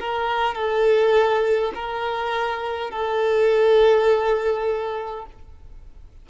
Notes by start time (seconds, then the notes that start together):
0.00 A#4
0.55 A4
1.75 A#4
2.91 A4